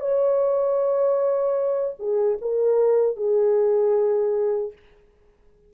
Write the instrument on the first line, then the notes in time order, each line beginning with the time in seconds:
horn
0.00 C#5
1.99 G#4
2.41 A#4
3.16 G#4